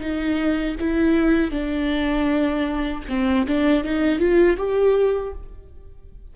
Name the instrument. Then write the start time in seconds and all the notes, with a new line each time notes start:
viola
0.00 D#4
0.80 E4
1.52 D4
3.09 C4
3.48 D4
3.84 D#4
4.19 F4
4.57 G4